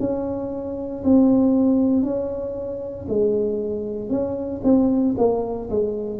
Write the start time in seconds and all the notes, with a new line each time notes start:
0.00 C#4
1.04 C4
2.03 C#4
3.08 G#3
4.10 C#4
4.64 C4
5.18 A#3
5.70 G#3